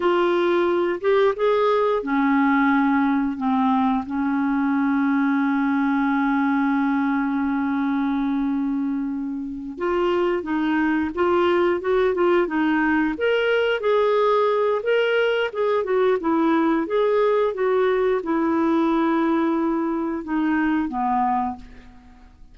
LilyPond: \new Staff \with { instrumentName = "clarinet" } { \time 4/4 \tempo 4 = 89 f'4. g'8 gis'4 cis'4~ | cis'4 c'4 cis'2~ | cis'1~ | cis'2~ cis'8 f'4 dis'8~ |
dis'8 f'4 fis'8 f'8 dis'4 ais'8~ | ais'8 gis'4. ais'4 gis'8 fis'8 | e'4 gis'4 fis'4 e'4~ | e'2 dis'4 b4 | }